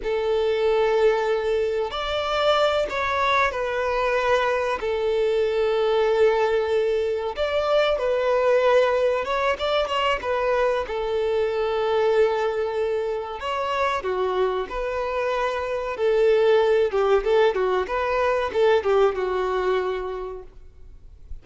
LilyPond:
\new Staff \with { instrumentName = "violin" } { \time 4/4 \tempo 4 = 94 a'2. d''4~ | d''8 cis''4 b'2 a'8~ | a'2.~ a'8 d''8~ | d''8 b'2 cis''8 d''8 cis''8 |
b'4 a'2.~ | a'4 cis''4 fis'4 b'4~ | b'4 a'4. g'8 a'8 fis'8 | b'4 a'8 g'8 fis'2 | }